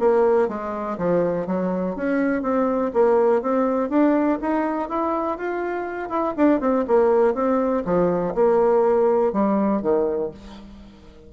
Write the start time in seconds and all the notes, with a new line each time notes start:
0.00 A#3
0.49 G#3
0.98 F3
1.47 F#3
1.96 C#4
2.43 C4
2.94 A#3
3.42 C4
3.90 D4
4.42 D#4
4.89 E4
5.38 F4
6.10 E4
6.37 D4
6.61 C4
6.88 A#3
7.35 C4
7.86 F3
8.35 A#3
9.33 G3
9.82 D#3